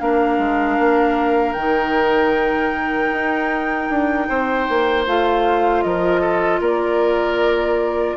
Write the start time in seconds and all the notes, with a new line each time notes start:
0.00 A#3 D4 A#4 F5
0.38 G#3
0.79 A#3
1.53 D#3 D#4 G5
3.11 D#4
3.89 D4
4.29 C4 C5
4.69 A#3
5.07 A3 F4 F5
5.83 F3 A#4 D#5
6.21 A4
6.61 A#3 A#4 D5